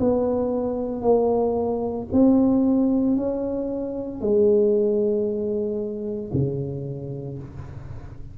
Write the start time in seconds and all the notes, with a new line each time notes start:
0.00 B3
1.02 A#3
2.13 C4
3.17 C#4
4.22 G#3
6.33 C#3